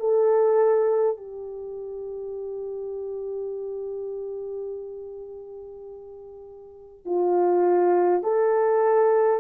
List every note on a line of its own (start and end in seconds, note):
0.00 1.18 A4
1.18 7.06 G4
7.06 8.24 F4
8.24 9.41 A4